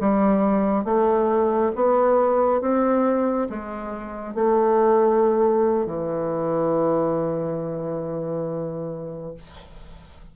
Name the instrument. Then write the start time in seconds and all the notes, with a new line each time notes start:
bassoon
0.00 G3
0.85 A3
1.75 B3
2.61 C4
3.49 G#3
4.34 A3
5.86 E3